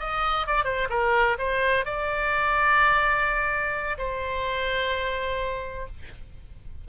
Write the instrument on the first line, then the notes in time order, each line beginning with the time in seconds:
oboe
0.00 D#5
0.47 D5
0.64 C5
0.90 A#4
1.39 C5
1.85 D5
3.98 C5